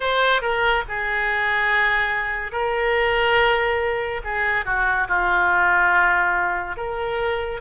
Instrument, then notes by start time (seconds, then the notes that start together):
oboe
0.00 C5
0.41 A#4
0.88 G#4
2.52 A#4
4.24 G#4
4.65 F#4
5.07 F4
6.76 A#4